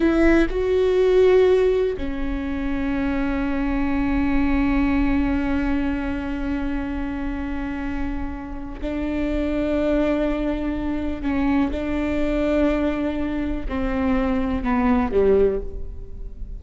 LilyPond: \new Staff \with { instrumentName = "viola" } { \time 4/4 \tempo 4 = 123 e'4 fis'2. | cis'1~ | cis'1~ | cis'1~ |
cis'2 d'2~ | d'2. cis'4 | d'1 | c'2 b4 g4 | }